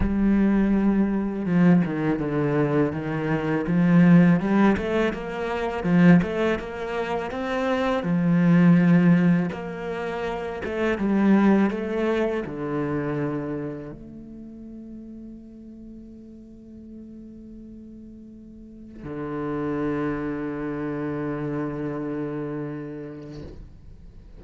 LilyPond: \new Staff \with { instrumentName = "cello" } { \time 4/4 \tempo 4 = 82 g2 f8 dis8 d4 | dis4 f4 g8 a8 ais4 | f8 a8 ais4 c'4 f4~ | f4 ais4. a8 g4 |
a4 d2 a4~ | a1~ | a2 d2~ | d1 | }